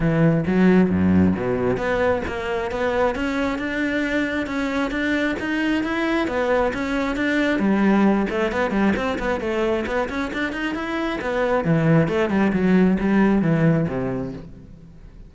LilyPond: \new Staff \with { instrumentName = "cello" } { \time 4/4 \tempo 4 = 134 e4 fis4 fis,4 b,4 | b4 ais4 b4 cis'4 | d'2 cis'4 d'4 | dis'4 e'4 b4 cis'4 |
d'4 g4. a8 b8 g8 | c'8 b8 a4 b8 cis'8 d'8 dis'8 | e'4 b4 e4 a8 g8 | fis4 g4 e4 c4 | }